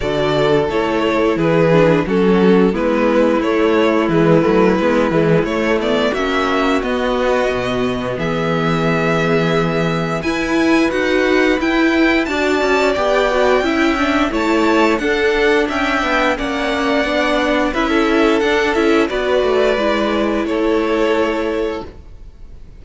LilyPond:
<<
  \new Staff \with { instrumentName = "violin" } { \time 4/4 \tempo 4 = 88 d''4 cis''4 b'4 a'4 | b'4 cis''4 b'2 | cis''8 d''8 e''4 dis''2 | e''2. gis''4 |
fis''4 g''4 a''4 g''4~ | g''4 a''4 fis''4 g''4 | fis''2 e''4 fis''8 e''8 | d''2 cis''2 | }
  \new Staff \with { instrumentName = "violin" } { \time 4/4 a'2 gis'4 fis'4 | e'1~ | e'4 fis'2. | gis'2. b'4~ |
b'2 d''2 | e''4 cis''4 a'4 e''4 | d''2 b'16 a'4.~ a'16 | b'2 a'2 | }
  \new Staff \with { instrumentName = "viola" } { \time 4/4 fis'4 e'4. d'8 cis'4 | b4 a4 gis8 a8 b8 gis8 | a8 b8 cis'4 b2~ | b2. e'4 |
fis'4 e'4 fis'4 g'8 fis'8 | e'8 d'8 e'4 d'2 | cis'4 d'4 e'4 d'8 e'8 | fis'4 e'2. | }
  \new Staff \with { instrumentName = "cello" } { \time 4/4 d4 a4 e4 fis4 | gis4 a4 e8 fis8 gis8 e8 | a4 ais4 b4 b,4 | e2. e'4 |
dis'4 e'4 d'8 cis'8 b4 | cis'4 a4 d'4 cis'8 b8 | ais4 b4 cis'4 d'8 cis'8 | b8 a8 gis4 a2 | }
>>